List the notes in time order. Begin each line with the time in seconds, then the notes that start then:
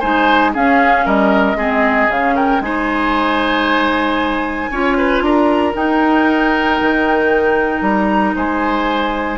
0.00 G#3 D#4 C5 G#5
0.54 C#4 G#4 F5
1.06 G3 A#4 D#5
1.55 G#3 C4 G#4
2.08 C#3 C#4 F5
2.36 A#4 G5
2.61 G#3 D#4 C5 G#5
4.71 C#4 F4 C#5
4.98 B4
5.22 D4 A#4 A#5
5.73 D#4 G5
6.81 D#3
7.82 G3 A#5
8.36 G#3 C5 G#5